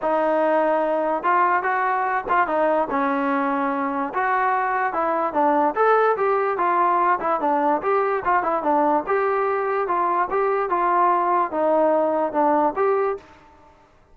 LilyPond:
\new Staff \with { instrumentName = "trombone" } { \time 4/4 \tempo 4 = 146 dis'2. f'4 | fis'4. f'8 dis'4 cis'4~ | cis'2 fis'2 | e'4 d'4 a'4 g'4 |
f'4. e'8 d'4 g'4 | f'8 e'8 d'4 g'2 | f'4 g'4 f'2 | dis'2 d'4 g'4 | }